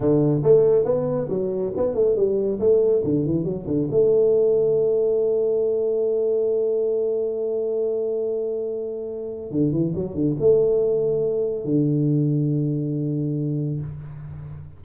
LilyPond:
\new Staff \with { instrumentName = "tuba" } { \time 4/4 \tempo 4 = 139 d4 a4 b4 fis4 | b8 a8 g4 a4 d8 e8 | fis8 d8 a2.~ | a1~ |
a1~ | a2 d8 e8 fis8 d8 | a2. d4~ | d1 | }